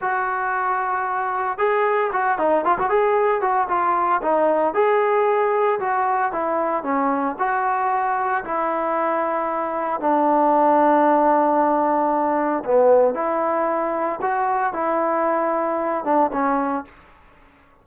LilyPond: \new Staff \with { instrumentName = "trombone" } { \time 4/4 \tempo 4 = 114 fis'2. gis'4 | fis'8 dis'8 f'16 fis'16 gis'4 fis'8 f'4 | dis'4 gis'2 fis'4 | e'4 cis'4 fis'2 |
e'2. d'4~ | d'1 | b4 e'2 fis'4 | e'2~ e'8 d'8 cis'4 | }